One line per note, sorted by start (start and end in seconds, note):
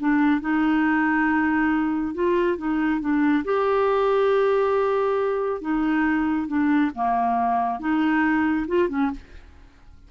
0.00 0.41 D4
0.41 2.14 D#4
2.14 2.58 F4
2.58 3.00 D#4
3.00 3.44 D4
3.44 5.61 G4
5.61 6.48 D#4
6.48 6.91 D4
6.95 7.80 A#3
7.80 8.67 D#4
8.67 8.89 F4
8.89 9.11 C#4